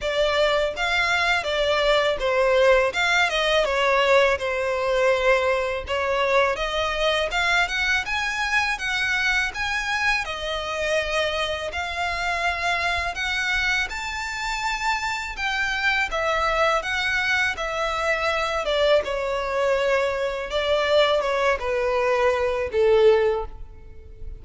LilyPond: \new Staff \with { instrumentName = "violin" } { \time 4/4 \tempo 4 = 82 d''4 f''4 d''4 c''4 | f''8 dis''8 cis''4 c''2 | cis''4 dis''4 f''8 fis''8 gis''4 | fis''4 gis''4 dis''2 |
f''2 fis''4 a''4~ | a''4 g''4 e''4 fis''4 | e''4. d''8 cis''2 | d''4 cis''8 b'4. a'4 | }